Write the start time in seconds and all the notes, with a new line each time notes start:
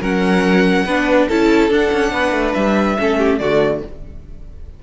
0.00 F#3 C#4 A#4 F#5
0.85 B3 D4 B4
1.28 C#4 E4 A4 A5
1.70 D4 F#5
1.92 C#4
2.12 B3 B4
2.31 A3
2.53 G3 E5
2.99 A3 C#4 A4
3.18 G4
3.38 D3 A3 F#4 D5